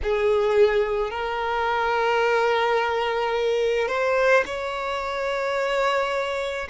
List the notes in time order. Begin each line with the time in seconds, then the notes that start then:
0.03 G#4
1.10 A#4
3.88 C5
4.45 C#5